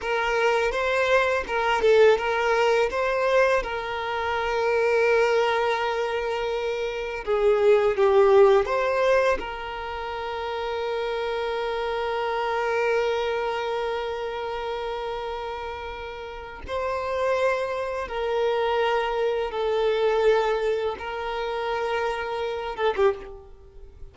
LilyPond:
\new Staff \with { instrumentName = "violin" } { \time 4/4 \tempo 4 = 83 ais'4 c''4 ais'8 a'8 ais'4 | c''4 ais'2.~ | ais'2 gis'4 g'4 | c''4 ais'2.~ |
ais'1~ | ais'2. c''4~ | c''4 ais'2 a'4~ | a'4 ais'2~ ais'8 a'16 g'16 | }